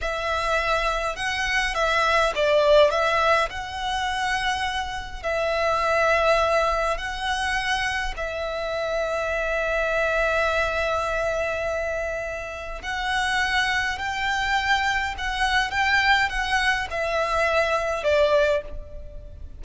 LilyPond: \new Staff \with { instrumentName = "violin" } { \time 4/4 \tempo 4 = 103 e''2 fis''4 e''4 | d''4 e''4 fis''2~ | fis''4 e''2. | fis''2 e''2~ |
e''1~ | e''2 fis''2 | g''2 fis''4 g''4 | fis''4 e''2 d''4 | }